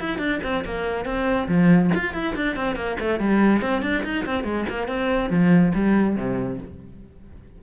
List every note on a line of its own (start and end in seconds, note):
0.00 0.18 E4
0.18 0.40 D4
0.43 0.64 C4
0.65 1.05 A#3
1.05 1.48 C4
1.48 1.91 F3
1.95 2.14 F4
2.14 2.35 E4
2.36 2.56 D4
2.56 2.76 C4
2.76 2.97 A#3
3.00 3.20 A3
3.20 3.62 G3
3.62 3.82 C4
3.82 4.03 D4
4.04 4.25 D#4
4.26 4.44 C4
4.44 4.65 G#3
4.69 4.88 A#3
4.88 5.30 C4
5.30 5.73 F3
5.74 6.16 G3
6.16 6.58 C3